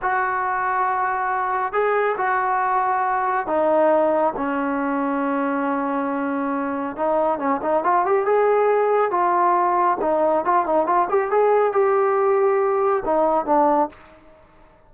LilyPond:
\new Staff \with { instrumentName = "trombone" } { \time 4/4 \tempo 4 = 138 fis'1 | gis'4 fis'2. | dis'2 cis'2~ | cis'1 |
dis'4 cis'8 dis'8 f'8 g'8 gis'4~ | gis'4 f'2 dis'4 | f'8 dis'8 f'8 g'8 gis'4 g'4~ | g'2 dis'4 d'4 | }